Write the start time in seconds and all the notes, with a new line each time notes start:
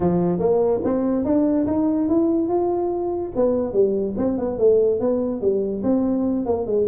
0.00 F3
0.39 A#3
0.84 C4
1.24 D4
1.66 D#4
2.08 E4
2.48 F4
3.35 B3
3.73 G3
4.17 C4
4.37 B3
4.58 A3
5.00 B3
5.41 G3
5.83 C4
6.45 A#3
6.66 G#3